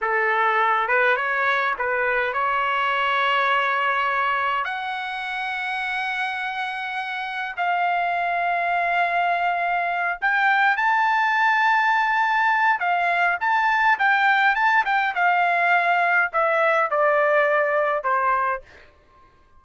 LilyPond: \new Staff \with { instrumentName = "trumpet" } { \time 4/4 \tempo 4 = 103 a'4. b'8 cis''4 b'4 | cis''1 | fis''1~ | fis''4 f''2.~ |
f''4. g''4 a''4.~ | a''2 f''4 a''4 | g''4 a''8 g''8 f''2 | e''4 d''2 c''4 | }